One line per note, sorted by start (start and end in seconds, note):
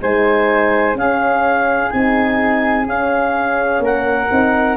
0.00 0.95 G#3
0.00 0.95 D#4
0.00 0.97 C5
0.00 0.97 G#5
0.95 1.90 C#4
0.95 3.83 G#4
0.95 1.90 F5
1.90 2.86 C4
1.90 2.87 D#4
1.90 2.86 G#5
2.86 3.79 C#4
2.86 4.29 C#4
2.86 3.83 F5
3.79 4.27 A#3
3.79 4.77 A#4
3.79 4.77 F#5
4.29 4.77 C4
4.29 4.77 D#4